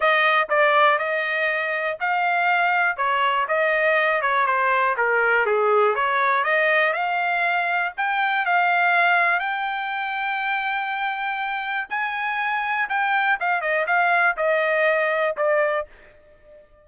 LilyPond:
\new Staff \with { instrumentName = "trumpet" } { \time 4/4 \tempo 4 = 121 dis''4 d''4 dis''2 | f''2 cis''4 dis''4~ | dis''8 cis''8 c''4 ais'4 gis'4 | cis''4 dis''4 f''2 |
g''4 f''2 g''4~ | g''1 | gis''2 g''4 f''8 dis''8 | f''4 dis''2 d''4 | }